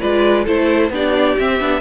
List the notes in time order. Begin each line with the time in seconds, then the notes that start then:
0.00 G#3 F4 B4 D5
0.44 A3 E4 A4 C5
0.90 B3 D4 G4 D5
1.38 C4 E5
1.60 B3 D4